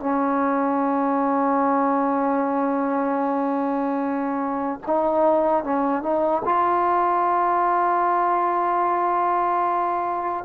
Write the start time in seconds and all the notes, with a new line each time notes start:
0.00 C#4
4.87 D#4
5.64 C#4
6.03 D#4
6.45 F4